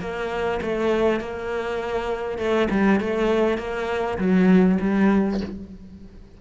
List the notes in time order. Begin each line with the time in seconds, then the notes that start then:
0.00 A#3
0.62 A3
1.21 A#3
2.38 A3
2.70 G3
3.00 A3
3.58 A#3
4.18 F#3
4.81 G3